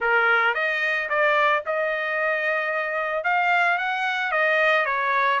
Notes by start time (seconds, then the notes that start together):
0.00 A#4
0.54 D#5
1.09 D5
1.66 D#5
3.23 F5
3.78 F#5
4.31 D#5
4.85 C#5